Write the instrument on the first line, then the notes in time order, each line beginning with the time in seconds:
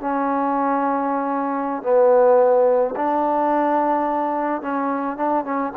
trombone
0.00 C#4
1.82 B3
2.95 D4
4.61 C#4
5.17 D4
5.44 C#4